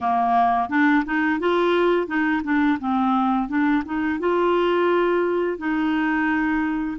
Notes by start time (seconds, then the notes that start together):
0.00 A#3
0.69 D4
1.05 D#4
1.39 F4
2.07 D#4
2.43 D4
2.79 C4
3.48 D4
3.85 D#4
4.19 F4
5.58 D#4